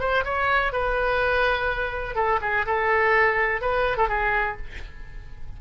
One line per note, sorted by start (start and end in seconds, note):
0.00 0.24 C5
0.25 0.73 C#5
0.73 2.16 B4
2.16 2.40 A4
2.41 2.66 G#4
2.66 3.61 A4
3.61 3.97 B4
3.97 4.09 A4
4.09 4.57 G#4